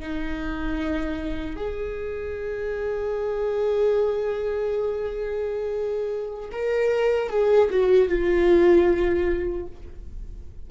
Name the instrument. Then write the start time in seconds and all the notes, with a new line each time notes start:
viola
0.00 D#4
1.57 G#4
6.52 A#4
7.30 G#4
7.71 F#4
8.09 F4